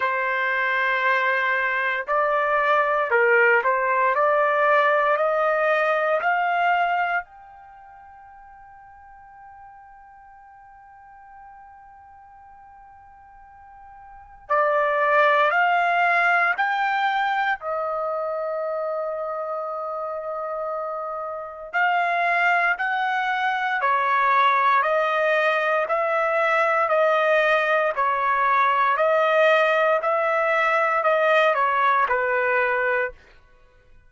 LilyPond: \new Staff \with { instrumentName = "trumpet" } { \time 4/4 \tempo 4 = 58 c''2 d''4 ais'8 c''8 | d''4 dis''4 f''4 g''4~ | g''1~ | g''2 d''4 f''4 |
g''4 dis''2.~ | dis''4 f''4 fis''4 cis''4 | dis''4 e''4 dis''4 cis''4 | dis''4 e''4 dis''8 cis''8 b'4 | }